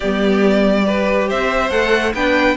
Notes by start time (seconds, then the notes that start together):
0.00 G3 B3 G4 D5
0.83 G4 B4
1.28 C4 C5 E5
1.70 A3 A4 F#5
2.13 B3 D4 B4 G5